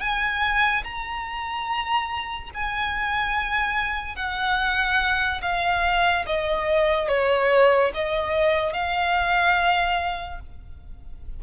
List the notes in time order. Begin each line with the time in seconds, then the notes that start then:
0.00 G#5
0.84 A#5
2.54 G#5
4.16 F#5
5.42 F5
6.26 D#5
7.08 C#5
7.94 D#5
8.73 F5